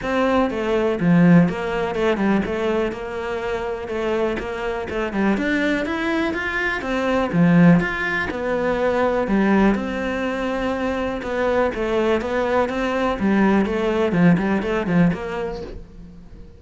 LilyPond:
\new Staff \with { instrumentName = "cello" } { \time 4/4 \tempo 4 = 123 c'4 a4 f4 ais4 | a8 g8 a4 ais2 | a4 ais4 a8 g8 d'4 | e'4 f'4 c'4 f4 |
f'4 b2 g4 | c'2. b4 | a4 b4 c'4 g4 | a4 f8 g8 a8 f8 ais4 | }